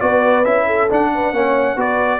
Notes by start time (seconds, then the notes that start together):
0.00 B3 F#4 B4 D5
0.44 C#4 E4 E5
0.66 A4
0.89 D4 F#5
1.14 B4
1.32 A#3 C#4 C#5
1.76 B3 F#4 B4 D5